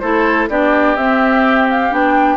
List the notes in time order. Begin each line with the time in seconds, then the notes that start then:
0.00 A3 E4 A4 C5
0.49 B3 D4 G4 D5
0.97 C4 E5
1.70 F5
1.91 B3 D4 G5